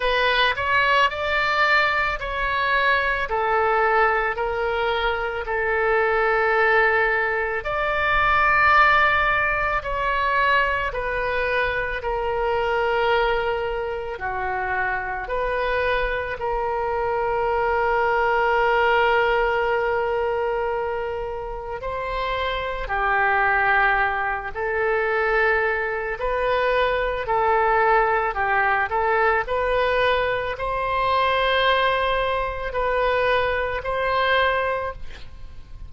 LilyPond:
\new Staff \with { instrumentName = "oboe" } { \time 4/4 \tempo 4 = 55 b'8 cis''8 d''4 cis''4 a'4 | ais'4 a'2 d''4~ | d''4 cis''4 b'4 ais'4~ | ais'4 fis'4 b'4 ais'4~ |
ais'1 | c''4 g'4. a'4. | b'4 a'4 g'8 a'8 b'4 | c''2 b'4 c''4 | }